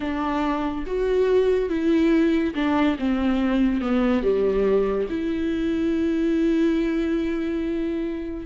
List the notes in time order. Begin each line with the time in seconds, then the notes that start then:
0.00 D4
0.86 F#4
1.69 E4
2.54 D4
2.98 C4
3.81 B3
4.22 G3
5.09 E4